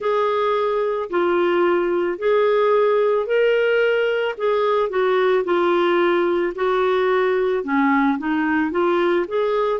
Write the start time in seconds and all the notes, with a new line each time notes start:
0.00 G#4
1.10 F4
2.18 G#4
3.26 A#4
4.37 G#4
4.89 F#4
5.44 F4
6.55 F#4
7.63 C#4
8.18 D#4
8.71 F4
9.27 G#4